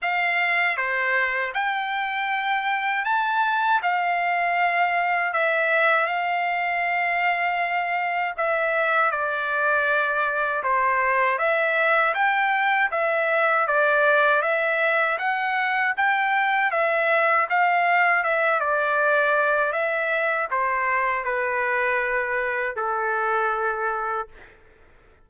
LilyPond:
\new Staff \with { instrumentName = "trumpet" } { \time 4/4 \tempo 4 = 79 f''4 c''4 g''2 | a''4 f''2 e''4 | f''2. e''4 | d''2 c''4 e''4 |
g''4 e''4 d''4 e''4 | fis''4 g''4 e''4 f''4 | e''8 d''4. e''4 c''4 | b'2 a'2 | }